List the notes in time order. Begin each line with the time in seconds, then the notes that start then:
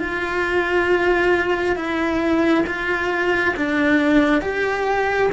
0.00 F4
1.76 E4
2.67 F4
3.57 D4
4.42 G4